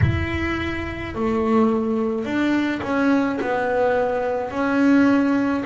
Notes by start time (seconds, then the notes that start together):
0.01 E4
1.14 A3
2.24 D4
2.82 C#4
3.41 B3
4.50 C#4